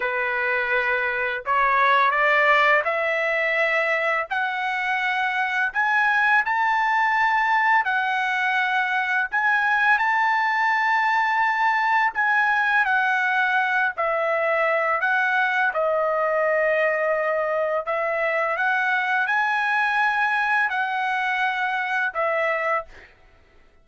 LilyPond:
\new Staff \with { instrumentName = "trumpet" } { \time 4/4 \tempo 4 = 84 b'2 cis''4 d''4 | e''2 fis''2 | gis''4 a''2 fis''4~ | fis''4 gis''4 a''2~ |
a''4 gis''4 fis''4. e''8~ | e''4 fis''4 dis''2~ | dis''4 e''4 fis''4 gis''4~ | gis''4 fis''2 e''4 | }